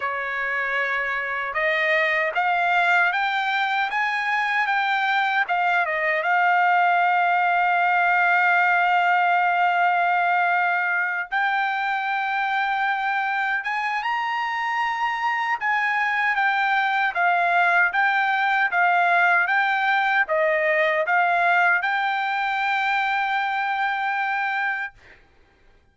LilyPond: \new Staff \with { instrumentName = "trumpet" } { \time 4/4 \tempo 4 = 77 cis''2 dis''4 f''4 | g''4 gis''4 g''4 f''8 dis''8 | f''1~ | f''2~ f''8 g''4.~ |
g''4. gis''8 ais''2 | gis''4 g''4 f''4 g''4 | f''4 g''4 dis''4 f''4 | g''1 | }